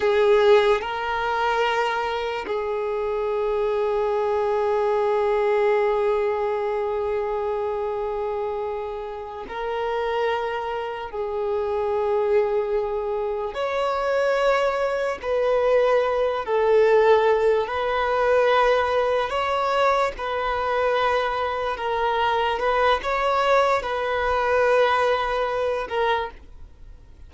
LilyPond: \new Staff \with { instrumentName = "violin" } { \time 4/4 \tempo 4 = 73 gis'4 ais'2 gis'4~ | gis'1~ | gis'2.~ gis'8 ais'8~ | ais'4. gis'2~ gis'8~ |
gis'8 cis''2 b'4. | a'4. b'2 cis''8~ | cis''8 b'2 ais'4 b'8 | cis''4 b'2~ b'8 ais'8 | }